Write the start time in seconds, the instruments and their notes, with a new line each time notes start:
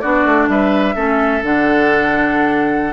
0.00 bassoon B3, clarinet D4, oboe F#4, flute D5
0.25 bassoon A3
0.48 bassoon G3, oboe B4, flute E5
0.95 bassoon A3, clarinet C#4, oboe A4
1.42 bassoon D3, clarinet D4, flute F#5